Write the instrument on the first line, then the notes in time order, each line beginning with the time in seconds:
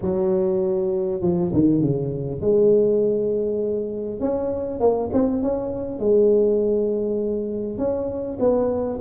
tuba
0.01 F#3
1.21 F3
1.53 D#3
1.81 C#3
2.41 G#3
4.20 C#4
4.80 A#3
5.12 C4
5.42 C#4
5.99 G#3
7.78 C#4
8.39 B3